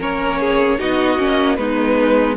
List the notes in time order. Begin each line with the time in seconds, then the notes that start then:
0.00 A#3 C#4 A#4 C#5
0.40 G#4
0.79 B3 D#4 F#4 D#5
1.18 A#3 C#4
1.56 G#3 B3 D#4 B4